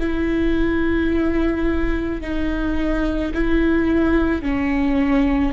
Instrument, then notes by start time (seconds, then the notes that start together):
viola
0.00 E4
2.22 D#4
3.34 E4
4.42 C#4